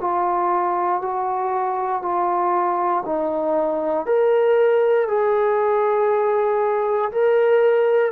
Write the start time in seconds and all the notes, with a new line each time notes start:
0.00 F4
1.01 F#4
2.02 F4
3.05 D#4
4.06 A#4
5.08 G#4
7.11 A#4